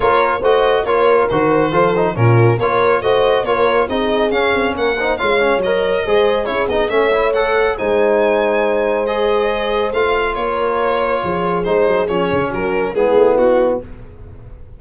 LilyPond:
<<
  \new Staff \with { instrumentName = "violin" } { \time 4/4 \tempo 4 = 139 cis''4 dis''4 cis''4 c''4~ | c''4 ais'4 cis''4 dis''4 | cis''4 dis''4 f''4 fis''4 | f''4 dis''2 cis''8 dis''8 |
e''4 fis''4 gis''2~ | gis''4 dis''2 f''4 | cis''2. c''4 | cis''4 ais'4 gis'4 fis'4 | }
  \new Staff \with { instrumentName = "horn" } { \time 4/4 ais'4 c''4 ais'2 | a'4 f'4 ais'4 c''4 | ais'4 gis'2 ais'8 c''8 | cis''2 c''4 gis'4 |
cis''2 c''2~ | c''1 | ais'2 gis'2~ | gis'4 fis'4 e'2 | }
  \new Staff \with { instrumentName = "trombone" } { \time 4/4 f'4 fis'4 f'4 fis'4 | f'8 dis'8 cis'4 f'4 fis'4 | f'4 dis'4 cis'4. dis'8 | f'8 cis'8 ais'4 gis'4 e'8 dis'8 |
cis'8 e'8 a'4 dis'2~ | dis'4 gis'2 f'4~ | f'2. dis'4 | cis'2 b2 | }
  \new Staff \with { instrumentName = "tuba" } { \time 4/4 ais4 a4 ais4 dis4 | f4 ais,4 ais4 a4 | ais4 c'4 cis'8 c'8 ais4 | gis4 fis4 gis4 cis'8 b8 |
a2 gis2~ | gis2. a4 | ais2 f4 gis8 fis8 | f8 cis8 fis4 gis8 a8 b4 | }
>>